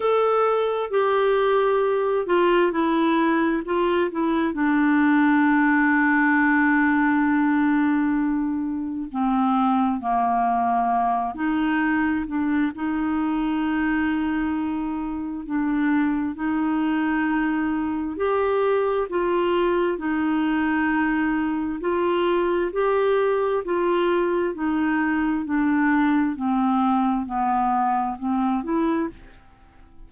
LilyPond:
\new Staff \with { instrumentName = "clarinet" } { \time 4/4 \tempo 4 = 66 a'4 g'4. f'8 e'4 | f'8 e'8 d'2.~ | d'2 c'4 ais4~ | ais8 dis'4 d'8 dis'2~ |
dis'4 d'4 dis'2 | g'4 f'4 dis'2 | f'4 g'4 f'4 dis'4 | d'4 c'4 b4 c'8 e'8 | }